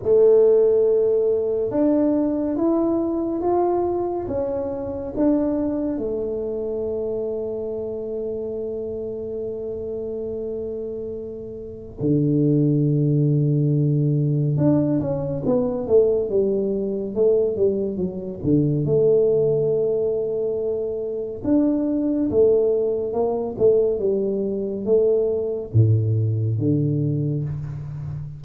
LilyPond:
\new Staff \with { instrumentName = "tuba" } { \time 4/4 \tempo 4 = 70 a2 d'4 e'4 | f'4 cis'4 d'4 a4~ | a1~ | a2 d2~ |
d4 d'8 cis'8 b8 a8 g4 | a8 g8 fis8 d8 a2~ | a4 d'4 a4 ais8 a8 | g4 a4 a,4 d4 | }